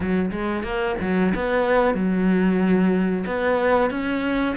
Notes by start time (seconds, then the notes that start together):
0.00 F#3
0.31 G#3
0.63 A#3
1.00 F#3
1.34 B3
1.94 F#3
3.26 B3
3.90 C#4